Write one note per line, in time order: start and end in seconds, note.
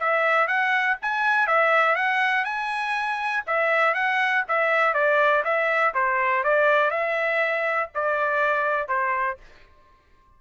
0.00 0.48 E5
0.48 0.97 F#5
1.02 1.47 G#5
1.47 1.95 E5
1.95 2.45 F#5
2.45 3.44 G#5
3.47 3.94 E5
3.94 4.44 F#5
4.48 4.94 E5
4.94 5.44 D5
5.44 5.94 E5
5.94 6.44 C5
6.44 6.91 D5
6.91 7.90 E5
7.95 8.88 D5
8.88 9.38 C5